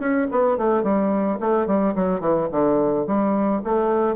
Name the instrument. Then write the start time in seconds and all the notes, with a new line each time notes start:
bassoon
0.00 C#4
0.32 B3
0.58 A3
0.84 G3
1.40 A3
1.67 G3
1.96 F#3
2.21 E3
2.52 D3
3.07 G3
3.64 A3